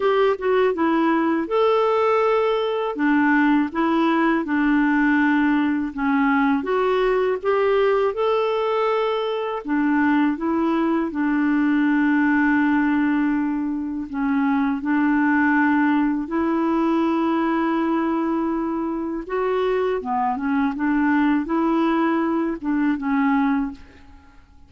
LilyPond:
\new Staff \with { instrumentName = "clarinet" } { \time 4/4 \tempo 4 = 81 g'8 fis'8 e'4 a'2 | d'4 e'4 d'2 | cis'4 fis'4 g'4 a'4~ | a'4 d'4 e'4 d'4~ |
d'2. cis'4 | d'2 e'2~ | e'2 fis'4 b8 cis'8 | d'4 e'4. d'8 cis'4 | }